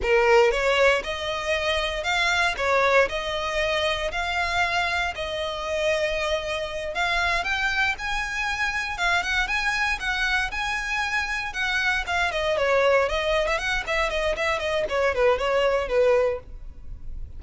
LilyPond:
\new Staff \with { instrumentName = "violin" } { \time 4/4 \tempo 4 = 117 ais'4 cis''4 dis''2 | f''4 cis''4 dis''2 | f''2 dis''2~ | dis''4. f''4 g''4 gis''8~ |
gis''4. f''8 fis''8 gis''4 fis''8~ | fis''8 gis''2 fis''4 f''8 | dis''8 cis''4 dis''8. e''16 fis''8 e''8 dis''8 | e''8 dis''8 cis''8 b'8 cis''4 b'4 | }